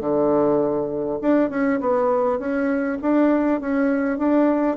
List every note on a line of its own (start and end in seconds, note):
0.00 1.19 D3
1.21 1.50 D4
1.50 1.80 C#4
1.80 2.39 B3
2.39 2.98 C#4
3.02 3.60 D4
3.60 4.18 C#4
4.18 4.77 D4